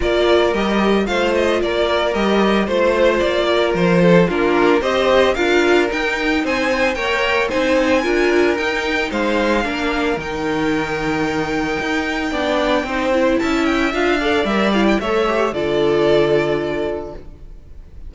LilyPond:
<<
  \new Staff \with { instrumentName = "violin" } { \time 4/4 \tempo 4 = 112 d''4 dis''4 f''8 dis''8 d''4 | dis''4 c''4 d''4 c''4 | ais'4 dis''4 f''4 g''4 | gis''4 g''4 gis''2 |
g''4 f''2 g''4~ | g''1~ | g''4 a''8 g''8 f''4 e''8 f''16 g''16 | e''4 d''2. | }
  \new Staff \with { instrumentName = "violin" } { \time 4/4 ais'2 c''4 ais'4~ | ais'4 c''4. ais'4 a'8 | f'4 c''4 ais'2 | c''4 cis''4 c''4 ais'4~ |
ais'4 c''4 ais'2~ | ais'2. d''4 | c''4 e''4. d''4. | cis''4 a'2. | }
  \new Staff \with { instrumentName = "viola" } { \time 4/4 f'4 g'4 f'2 | g'4 f'2. | d'4 g'4 f'4 dis'4~ | dis'4 ais'4 dis'4 f'4 |
dis'2 d'4 dis'4~ | dis'2. d'4 | dis'8 e'4. f'8 a'8 ais'8 e'8 | a'8 g'8 f'2. | }
  \new Staff \with { instrumentName = "cello" } { \time 4/4 ais4 g4 a4 ais4 | g4 a4 ais4 f4 | ais4 c'4 d'4 dis'4 | c'4 ais4 c'4 d'4 |
dis'4 gis4 ais4 dis4~ | dis2 dis'4 b4 | c'4 cis'4 d'4 g4 | a4 d2. | }
>>